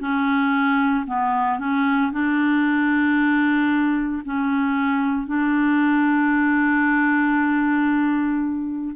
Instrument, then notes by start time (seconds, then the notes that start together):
clarinet
0.00 C#4
1.07 B3
1.59 C#4
2.12 D4
4.25 C#4
5.27 D4